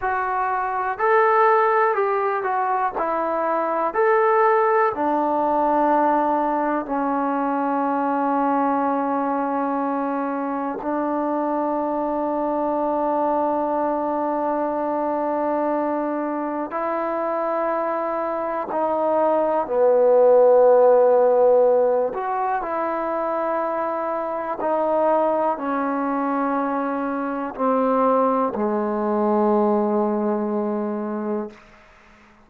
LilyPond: \new Staff \with { instrumentName = "trombone" } { \time 4/4 \tempo 4 = 61 fis'4 a'4 g'8 fis'8 e'4 | a'4 d'2 cis'4~ | cis'2. d'4~ | d'1~ |
d'4 e'2 dis'4 | b2~ b8 fis'8 e'4~ | e'4 dis'4 cis'2 | c'4 gis2. | }